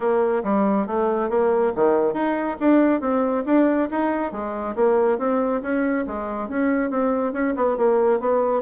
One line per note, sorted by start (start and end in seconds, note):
0.00 0.42 A#3
0.43 0.86 G3
0.86 1.29 A3
1.29 1.72 A#3
1.75 2.13 D#3
2.13 2.57 D#4
2.60 3.01 D4
3.01 3.44 C4
3.45 3.88 D4
3.91 4.31 D#4
4.31 4.75 G#3
4.75 5.18 A#3
5.18 5.61 C4
5.62 6.05 C#4
6.06 6.49 G#3
6.49 6.90 C#4
6.90 7.32 C4
7.32 7.54 C#4
7.56 7.77 B3
7.77 8.20 A#3
8.20 8.62 B3